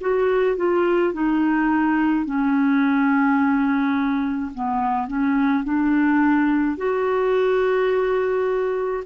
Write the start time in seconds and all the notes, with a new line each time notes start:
0.00 F#4
0.56 F4
1.13 D#4
2.25 C#4
4.54 B3
5.07 C#4
5.63 D4
6.77 F#4